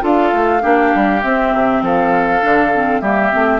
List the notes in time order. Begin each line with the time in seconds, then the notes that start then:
0.00 D4 F4 A4 F5
0.33 A3
0.61 A#3 D4 G4
0.95 G3
1.23 C4 E5
1.54 C3
1.81 F3 A4 F5
2.41 D3 D4
2.74 C4
3.01 G3 A#3 G4 E5
3.31 A3 C4